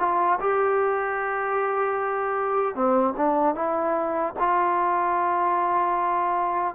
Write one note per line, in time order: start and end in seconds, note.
0.00 0.39 F4
0.40 2.75 G4
2.75 3.15 C4
3.18 3.55 D4
3.55 4.34 E4
4.39 6.75 F4